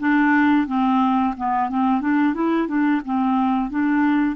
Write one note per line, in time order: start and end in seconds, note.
0.00 0.67 D4
0.67 1.35 C4
1.37 1.69 B3
1.69 2.01 C4
2.01 2.34 D4
2.34 2.68 E4
2.68 3.02 D4
3.05 3.70 C4
3.70 4.36 D4